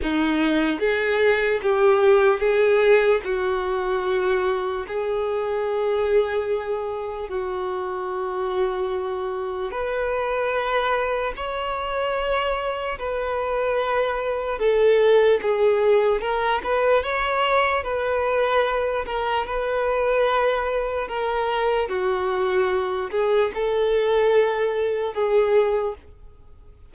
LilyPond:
\new Staff \with { instrumentName = "violin" } { \time 4/4 \tempo 4 = 74 dis'4 gis'4 g'4 gis'4 | fis'2 gis'2~ | gis'4 fis'2. | b'2 cis''2 |
b'2 a'4 gis'4 | ais'8 b'8 cis''4 b'4. ais'8 | b'2 ais'4 fis'4~ | fis'8 gis'8 a'2 gis'4 | }